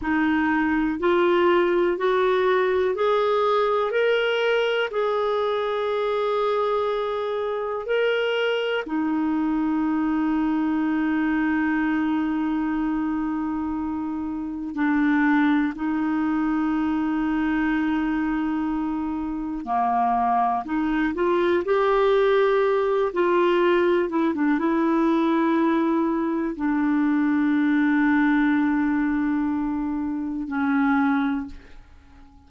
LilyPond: \new Staff \with { instrumentName = "clarinet" } { \time 4/4 \tempo 4 = 61 dis'4 f'4 fis'4 gis'4 | ais'4 gis'2. | ais'4 dis'2.~ | dis'2. d'4 |
dis'1 | ais4 dis'8 f'8 g'4. f'8~ | f'8 e'16 d'16 e'2 d'4~ | d'2. cis'4 | }